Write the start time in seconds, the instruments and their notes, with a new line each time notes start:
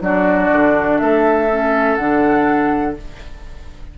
0.00 bassoon F#3, clarinet D4, oboe F#4, flute D5
0.51 bassoon D3
0.98 bassoon A3, oboe A4, flute E5
1.50 clarinet C#4
1.95 bassoon D3, clarinet D4, flute F#5